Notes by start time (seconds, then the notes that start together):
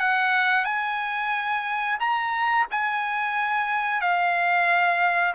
0.00 F#5
0.65 G#5
2.00 A#5
2.71 G#5
4.01 F5